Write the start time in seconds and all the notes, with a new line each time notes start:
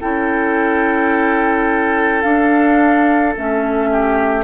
0.00 C#4 E4 A4 G5
2.22 D4 F5
3.36 A3 C#4 E5
3.91 G4